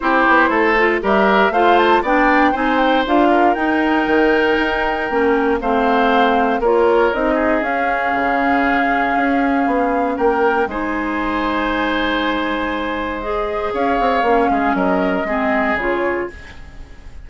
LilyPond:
<<
  \new Staff \with { instrumentName = "flute" } { \time 4/4 \tempo 4 = 118 c''2 e''4 f''8 a''8 | g''4 gis''8 g''8 f''4 g''4~ | g''2. f''4~ | f''4 cis''4 dis''4 f''4~ |
f''1 | g''4 gis''2.~ | gis''2 dis''4 f''4~ | f''4 dis''2 cis''4 | }
  \new Staff \with { instrumentName = "oboe" } { \time 4/4 g'4 a'4 ais'4 c''4 | d''4 c''4. ais'4.~ | ais'2. c''4~ | c''4 ais'4. gis'4.~ |
gis'1 | ais'4 c''2.~ | c''2. cis''4~ | cis''8 gis'8 ais'4 gis'2 | }
  \new Staff \with { instrumentName = "clarinet" } { \time 4/4 e'4. f'8 g'4 f'4 | d'4 dis'4 f'4 dis'4~ | dis'2 cis'4 c'4~ | c'4 f'4 dis'4 cis'4~ |
cis'1~ | cis'4 dis'2.~ | dis'2 gis'2 | cis'2 c'4 f'4 | }
  \new Staff \with { instrumentName = "bassoon" } { \time 4/4 c'8 b8 a4 g4 a4 | b4 c'4 d'4 dis'4 | dis4 dis'4 ais4 a4~ | a4 ais4 c'4 cis'4 |
cis2 cis'4 b4 | ais4 gis2.~ | gis2. cis'8 c'8 | ais8 gis8 fis4 gis4 cis4 | }
>>